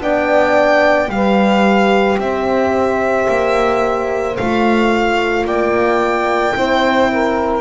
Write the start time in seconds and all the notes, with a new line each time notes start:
0.00 B3 D4 D5 G5
1.08 G3 G4 F5
1.15 B4
2.18 C4 C5 E5
3.29 A#3
4.37 A3 F4 F5
5.46 A#3 D5 G5
6.55 C4 E4 C5
7.12 A#4